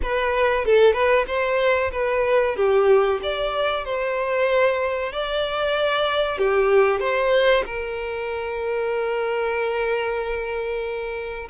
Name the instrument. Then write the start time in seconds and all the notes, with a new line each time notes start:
violin
0.02 B4
0.65 A4
0.93 B4
1.27 C5
1.91 B4
2.56 G4
3.22 D5
3.84 C5
5.12 D5
6.38 G4
7.00 C5
7.65 A#4